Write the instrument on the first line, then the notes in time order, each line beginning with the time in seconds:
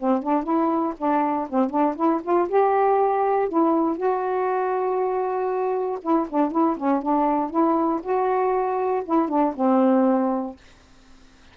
saxophone
0.00 C4
0.23 D4
0.44 E4
0.99 D4
1.50 C4
1.71 D4
1.96 E4
2.23 F4
2.49 G4
3.49 E4
3.97 F#4
6.03 E4
6.30 D4
6.52 E4
6.77 C#4
7.02 D4
7.51 E4
8.03 F#4
9.05 E4
9.29 D4
9.56 C4